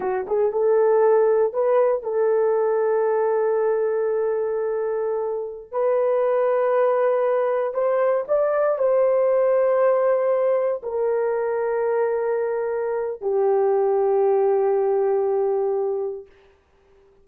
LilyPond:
\new Staff \with { instrumentName = "horn" } { \time 4/4 \tempo 4 = 118 fis'8 gis'8 a'2 b'4 | a'1~ | a'2.~ a'16 b'8.~ | b'2.~ b'16 c''8.~ |
c''16 d''4 c''2~ c''8.~ | c''4~ c''16 ais'2~ ais'8.~ | ais'2 g'2~ | g'1 | }